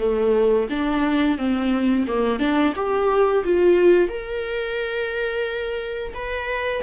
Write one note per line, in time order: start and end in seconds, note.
0.00 0.68 A3
0.70 1.38 D4
1.38 2.06 C4
2.08 2.40 A#3
2.40 2.74 D4
2.76 3.44 G4
3.45 4.09 F4
4.09 6.14 A#4
6.15 6.83 B4